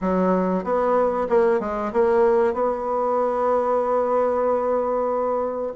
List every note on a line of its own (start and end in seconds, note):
0.01 0.64 F#3
0.64 1.27 B3
1.29 1.60 A#3
1.60 1.91 G#3
1.93 2.53 A#3
2.53 5.72 B3